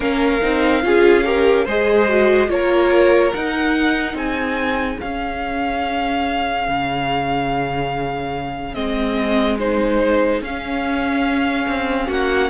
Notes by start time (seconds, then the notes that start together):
0.00 A#3 C#4 A#4 F5
0.42 C4 D#4
0.82 C#4 F4 G#4
1.24 G4 A#4
1.65 G#3 G#4 C5 D#5
2.09 F#4
2.47 A#3 F4 A#4 C#5
3.33 D#4 F#5
4.14 C4 G#4 G#5
5.00 C#4 F5
6.68 C#3
8.74 G#3 C4 D#5
9.58 D#4 C5
10.41 C#4 F5
11.67 C4
12.07 A#3 F#4 F#5